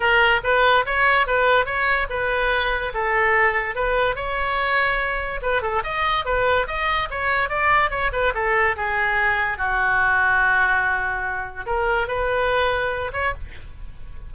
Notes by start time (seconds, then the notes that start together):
0.00 A#4
0.43 B4
0.85 C#5
1.26 B4
1.65 C#5
2.09 B4
2.94 A4
3.75 B4
4.15 C#5
5.42 B4
5.62 A4
5.83 D#5
6.25 B4
6.67 D#5
7.10 C#5
7.49 D5
7.90 C#5
8.12 B4
8.34 A4
8.76 G#4
9.57 F#4
11.66 A#4
12.07 B4
13.12 C#5